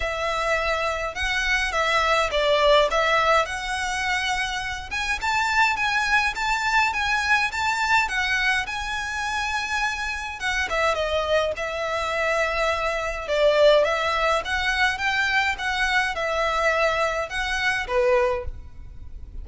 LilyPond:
\new Staff \with { instrumentName = "violin" } { \time 4/4 \tempo 4 = 104 e''2 fis''4 e''4 | d''4 e''4 fis''2~ | fis''8 gis''8 a''4 gis''4 a''4 | gis''4 a''4 fis''4 gis''4~ |
gis''2 fis''8 e''8 dis''4 | e''2. d''4 | e''4 fis''4 g''4 fis''4 | e''2 fis''4 b'4 | }